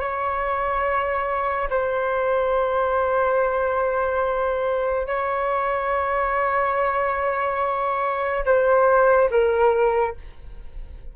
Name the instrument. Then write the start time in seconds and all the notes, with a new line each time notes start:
flute
0.00 C#5
1.70 C5
5.07 C#5
8.45 C5
9.31 A#4